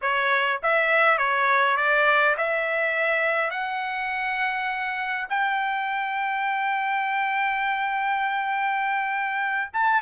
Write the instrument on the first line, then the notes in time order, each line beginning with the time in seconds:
trumpet
0.01 C#5
0.63 E5
1.17 C#5
1.76 D5
2.37 E5
3.50 F#5
5.29 G5
9.73 A5